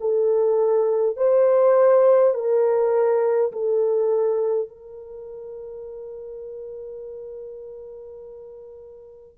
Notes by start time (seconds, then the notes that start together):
0.00 A4
1.16 C5
2.34 A#4
3.52 A4
4.68 A#4